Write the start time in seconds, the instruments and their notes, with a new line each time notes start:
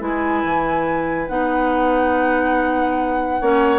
0.00 bassoon G#3, clarinet E4, oboe B4, flute G#5
0.44 bassoon E3
1.28 bassoon B3, clarinet D#4, flute F#5
3.41 bassoon A#3, clarinet C#4, oboe C#5